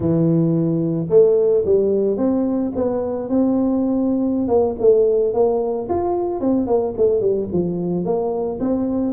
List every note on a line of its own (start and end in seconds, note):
0.00 1.07 E3
1.09 1.64 A3
1.65 2.17 G3
2.17 2.71 C4
2.75 3.29 B3
3.29 4.48 C4
4.48 4.75 A#3
4.79 5.33 A3
5.33 5.88 A#3
5.89 6.40 F4
6.40 6.66 C4
6.66 6.93 A#3
6.97 7.20 A3
7.20 7.48 G3
7.52 8.04 F3
8.04 8.59 A#3
8.60 9.13 C4